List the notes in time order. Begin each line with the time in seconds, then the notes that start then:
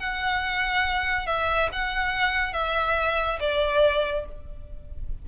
0.00 F#5
1.27 E5
1.73 F#5
2.54 E5
3.40 D5